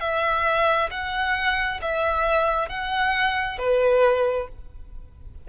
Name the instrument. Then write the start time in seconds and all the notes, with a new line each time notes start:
violin
0.00 E5
0.91 F#5
1.82 E5
2.69 F#5
3.59 B4